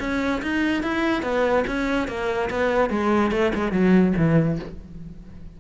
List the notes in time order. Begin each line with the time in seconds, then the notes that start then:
0.00 C#4
0.42 D#4
0.83 E4
1.23 B3
1.67 C#4
2.08 A#3
2.50 B3
2.90 G#3
3.31 A3
3.54 G#3
3.72 F#3
4.17 E3